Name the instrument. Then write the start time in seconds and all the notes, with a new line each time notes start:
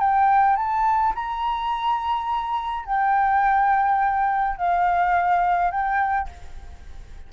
flute
0.00 G5
0.56 A5
1.15 A#5
2.86 G5
4.57 F5
5.71 G5